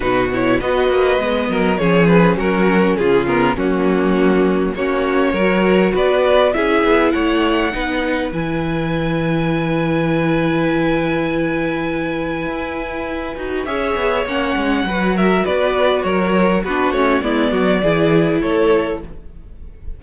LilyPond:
<<
  \new Staff \with { instrumentName = "violin" } { \time 4/4 \tempo 4 = 101 b'8 cis''8 dis''2 cis''8 b'8 | ais'4 gis'8 ais'8 fis'2 | cis''2 d''4 e''4 | fis''2 gis''2~ |
gis''1~ | gis''2. e''4 | fis''4. e''8 d''4 cis''4 | b'8 cis''8 d''2 cis''4 | }
  \new Staff \with { instrumentName = "violin" } { \time 4/4 fis'4 b'4. ais'8 gis'4 | fis'4 f'4 cis'2 | fis'4 ais'4 b'4 gis'4 | cis''4 b'2.~ |
b'1~ | b'2. cis''4~ | cis''4 b'8 ais'8 b'4 ais'4 | fis'4 e'8 fis'8 gis'4 a'4 | }
  \new Staff \with { instrumentName = "viola" } { \time 4/4 dis'8 e'8 fis'4 b4 cis'4~ | cis'4. b8 ais2 | cis'4 fis'2 e'4~ | e'4 dis'4 e'2~ |
e'1~ | e'2~ e'8 fis'8 gis'4 | cis'4 fis'2. | d'8 cis'8 b4 e'2 | }
  \new Staff \with { instrumentName = "cello" } { \time 4/4 b,4 b8 ais8 gis8 fis8 f4 | fis4 cis4 fis2 | ais4 fis4 b4 cis'8 b8 | a4 b4 e2~ |
e1~ | e4 e'4. dis'8 cis'8 b8 | ais8 gis8 fis4 b4 fis4 | b8 a8 gis8 fis8 e4 a4 | }
>>